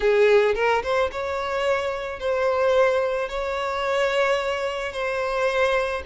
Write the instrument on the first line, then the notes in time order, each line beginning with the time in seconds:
violin
0.00 G#4
0.55 A#4
0.82 C5
1.11 C#5
2.19 C5
3.28 C#5
4.92 C5